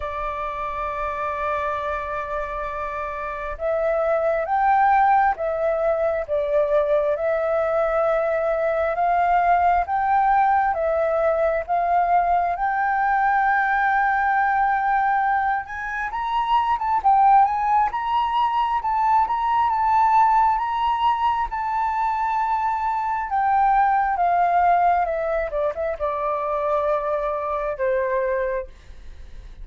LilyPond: \new Staff \with { instrumentName = "flute" } { \time 4/4 \tempo 4 = 67 d''1 | e''4 g''4 e''4 d''4 | e''2 f''4 g''4 | e''4 f''4 g''2~ |
g''4. gis''8 ais''8. a''16 g''8 gis''8 | ais''4 a''8 ais''8 a''4 ais''4 | a''2 g''4 f''4 | e''8 d''16 e''16 d''2 c''4 | }